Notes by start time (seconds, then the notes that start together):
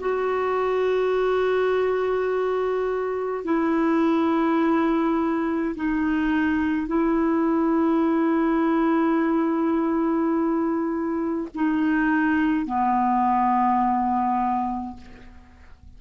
0.00 F#4
3.44 E4
5.76 D#4
6.87 E4
11.55 D#4
12.66 B3